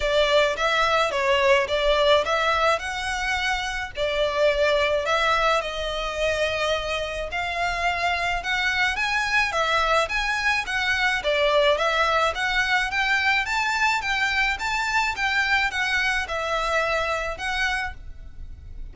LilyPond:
\new Staff \with { instrumentName = "violin" } { \time 4/4 \tempo 4 = 107 d''4 e''4 cis''4 d''4 | e''4 fis''2 d''4~ | d''4 e''4 dis''2~ | dis''4 f''2 fis''4 |
gis''4 e''4 gis''4 fis''4 | d''4 e''4 fis''4 g''4 | a''4 g''4 a''4 g''4 | fis''4 e''2 fis''4 | }